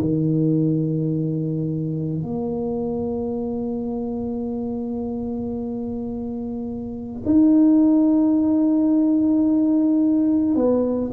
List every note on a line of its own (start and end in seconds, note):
0.00 2.22 D#3
2.22 7.22 A#3
7.25 10.55 D#4
10.55 11.11 B3